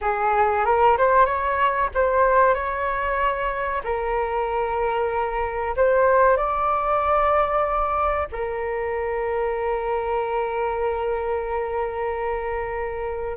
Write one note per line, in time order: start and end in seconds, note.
0.01 0.65 G#4
0.65 0.97 A#4
0.97 1.25 C5
1.25 1.89 C#5
1.94 2.54 C5
2.54 3.82 C#5
3.84 5.75 A#4
5.76 6.36 C5
6.36 8.28 D5
8.32 13.37 A#4